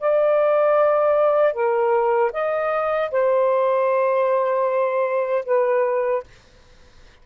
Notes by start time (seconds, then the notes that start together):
0.00 D5
1.54 A#4
2.33 D#5
3.12 C5
5.46 B4